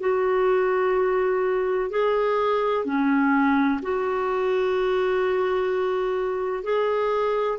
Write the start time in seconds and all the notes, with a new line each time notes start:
0.00 F#4
1.90 G#4
2.85 C#4
3.83 F#4
6.64 G#4